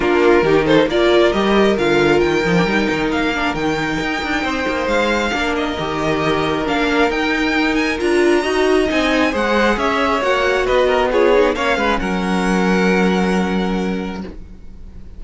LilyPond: <<
  \new Staff \with { instrumentName = "violin" } { \time 4/4 \tempo 4 = 135 ais'4. c''8 d''4 dis''4 | f''4 g''2 f''4 | g''2. f''4~ | f''8 dis''2~ dis''8 f''4 |
g''4. gis''8 ais''2 | gis''4 fis''4 e''4 fis''4 | dis''4 cis''4 f''4 fis''4~ | fis''1 | }
  \new Staff \with { instrumentName = "violin" } { \time 4/4 f'4 g'8 a'8 ais'2~ | ais'1~ | ais'2 c''2 | ais'1~ |
ais'2. dis''4~ | dis''4 c''4 cis''2 | b'8 ais'8 gis'4 cis''8 b'8 ais'4~ | ais'1 | }
  \new Staff \with { instrumentName = "viola" } { \time 4/4 d'4 dis'4 f'4 g'4 | f'4. dis'16 d'16 dis'4. d'8 | dis'1 | d'4 g'2 d'4 |
dis'2 f'4 fis'4 | dis'4 gis'2 fis'4~ | fis'4 f'8 dis'8 cis'2~ | cis'1 | }
  \new Staff \with { instrumentName = "cello" } { \time 4/4 ais4 dis4 ais4 g4 | d4 dis8 f8 g8 dis8 ais4 | dis4 dis'8 d'8 c'8 ais8 gis4 | ais4 dis2 ais4 |
dis'2 d'4 dis'4 | c'4 gis4 cis'4 ais4 | b2 ais8 gis8 fis4~ | fis1 | }
>>